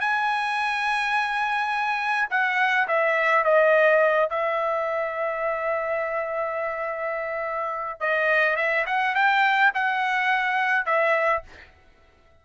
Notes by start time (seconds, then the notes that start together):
0.00 G#5
2.30 F#5
2.88 E5
3.44 D#5
4.30 E5
8.00 D#5
8.56 E5
8.86 F#5
9.15 G5
9.74 F#5
10.86 E5